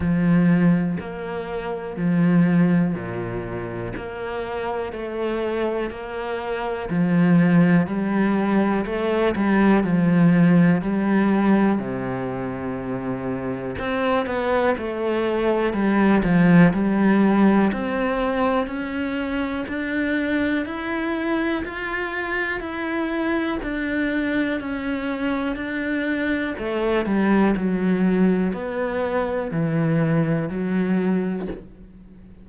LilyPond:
\new Staff \with { instrumentName = "cello" } { \time 4/4 \tempo 4 = 61 f4 ais4 f4 ais,4 | ais4 a4 ais4 f4 | g4 a8 g8 f4 g4 | c2 c'8 b8 a4 |
g8 f8 g4 c'4 cis'4 | d'4 e'4 f'4 e'4 | d'4 cis'4 d'4 a8 g8 | fis4 b4 e4 fis4 | }